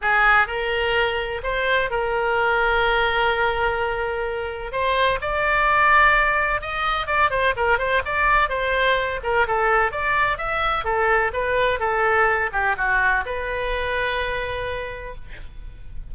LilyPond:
\new Staff \with { instrumentName = "oboe" } { \time 4/4 \tempo 4 = 127 gis'4 ais'2 c''4 | ais'1~ | ais'2 c''4 d''4~ | d''2 dis''4 d''8 c''8 |
ais'8 c''8 d''4 c''4. ais'8 | a'4 d''4 e''4 a'4 | b'4 a'4. g'8 fis'4 | b'1 | }